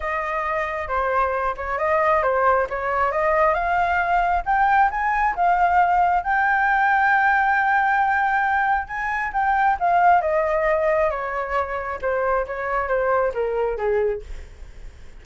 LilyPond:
\new Staff \with { instrumentName = "flute" } { \time 4/4 \tempo 4 = 135 dis''2 c''4. cis''8 | dis''4 c''4 cis''4 dis''4 | f''2 g''4 gis''4 | f''2 g''2~ |
g''1 | gis''4 g''4 f''4 dis''4~ | dis''4 cis''2 c''4 | cis''4 c''4 ais'4 gis'4 | }